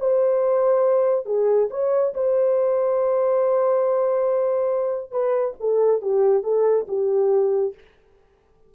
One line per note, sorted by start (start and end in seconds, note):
0.00 1.26 C5
1.26 1.69 G#4
1.71 2.14 C#5
2.15 5.12 C5
5.12 5.55 B4
5.61 6.02 A4
6.02 6.44 G4
6.44 6.87 A4
6.89 7.75 G4